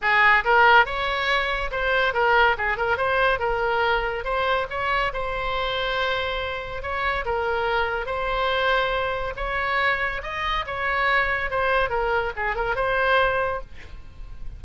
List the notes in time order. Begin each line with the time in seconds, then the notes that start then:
0.01 G#4
0.44 A#4
0.85 C#5
1.71 C5
2.13 A#4
2.57 G#4
2.77 A#4
2.97 C5
3.39 A#4
4.24 C5
4.69 C#5
5.13 C5
6.82 C#5
7.25 A#4
8.06 C5
9.36 C#5
10.22 D#5
10.66 C#5
11.50 C5
11.89 A#4
12.36 G#4
12.55 A#4
12.75 C5